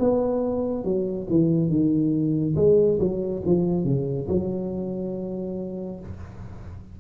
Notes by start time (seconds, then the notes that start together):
0.00 B3
0.85 F#3
1.31 E3
1.70 D#3
2.56 G#3
3.00 F#3
3.46 F3
3.85 C#3
4.29 F#3